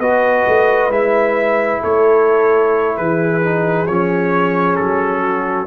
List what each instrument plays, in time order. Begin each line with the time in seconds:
0.00 tuba B3, trombone F#4, horn B4, trumpet D#5
0.48 tuba A3
0.89 tuba G#3, trombone E4, trumpet E5
1.82 tuba A3, horn A4, trumpet C#5
2.98 tuba E3, horn G#4, trumpet B4
3.42 trombone D#4
3.87 tuba F3, trombone C#4, trumpet C#5
4.76 tuba F#3, trumpet A4
5.22 horn F#4